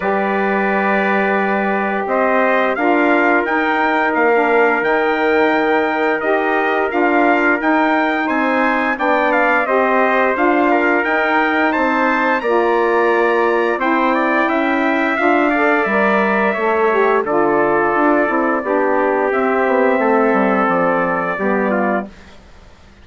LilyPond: <<
  \new Staff \with { instrumentName = "trumpet" } { \time 4/4 \tempo 4 = 87 d''2. dis''4 | f''4 g''4 f''4 g''4~ | g''4 dis''4 f''4 g''4 | gis''4 g''8 f''8 dis''4 f''4 |
g''4 a''4 ais''2 | g''2 f''4 e''4~ | e''4 d''2. | e''2 d''2 | }
  \new Staff \with { instrumentName = "trumpet" } { \time 4/4 b'2. c''4 | ais'1~ | ais'1 | c''4 d''4 c''4. ais'8~ |
ais'4 c''4 d''2 | c''8 d''8 e''4. d''4. | cis''4 a'2 g'4~ | g'4 a'2 g'8 f'8 | }
  \new Staff \with { instrumentName = "saxophone" } { \time 4/4 g'1 | f'4 dis'4~ dis'16 d'8. dis'4~ | dis'4 g'4 f'4 dis'4~ | dis'4 d'4 g'4 f'4 |
dis'2 f'2 | e'2 f'8 a'8 ais'4 | a'8 g'8 f'4. e'8 d'4 | c'2. b4 | }
  \new Staff \with { instrumentName = "bassoon" } { \time 4/4 g2. c'4 | d'4 dis'4 ais4 dis4~ | dis4 dis'4 d'4 dis'4 | c'4 b4 c'4 d'4 |
dis'4 c'4 ais2 | c'4 cis'4 d'4 g4 | a4 d4 d'8 c'8 b4 | c'8 b8 a8 g8 f4 g4 | }
>>